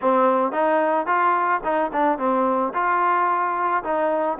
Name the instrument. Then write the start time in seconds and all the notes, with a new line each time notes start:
trombone
0.01 C4
0.52 D#4
1.06 F4
1.64 D#4
1.92 D4
2.18 C4
2.73 F4
3.83 D#4